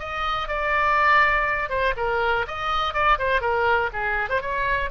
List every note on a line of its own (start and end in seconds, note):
0.00 0.49 D#5
0.49 1.70 D5
1.70 1.94 C5
1.97 2.46 A#4
2.48 2.94 D#5
2.94 3.19 D5
3.19 3.41 C5
3.41 3.91 A#4
3.94 4.30 G#4
4.30 4.42 C5
4.42 4.91 C#5